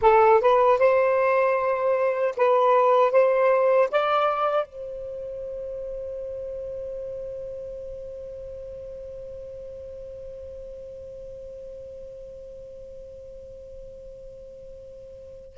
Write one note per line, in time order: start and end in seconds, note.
0.01 0.40 A4
0.40 0.78 B4
0.78 2.34 C5
2.36 3.11 B4
3.11 3.89 C5
3.91 4.66 D5
4.66 15.57 C5